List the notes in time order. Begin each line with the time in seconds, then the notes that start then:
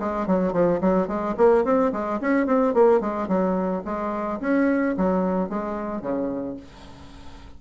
0.00 G#3
0.27 F#3
0.53 F3
0.81 F#3
1.08 G#3
1.37 A#3
1.65 C4
1.92 G#3
2.21 C#4
2.46 C4
2.74 A#3
3.01 G#3
3.28 F#3
3.85 G#3
4.41 C#4
4.97 F#3
5.49 G#3
6.02 C#3